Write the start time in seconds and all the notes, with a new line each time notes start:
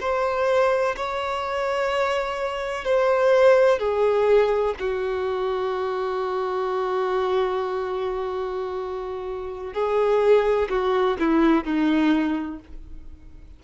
0.00 C5
0.96 C#5
2.84 C5
3.78 G#4
4.79 F#4
9.73 G#4
10.69 F#4
11.19 E4
11.64 D#4